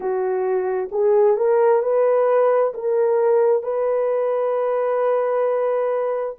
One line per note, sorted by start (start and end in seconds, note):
0.00 0.89 F#4
0.91 1.36 G#4
1.36 1.82 A#4
1.82 2.73 B4
2.74 3.62 A#4
3.62 6.35 B4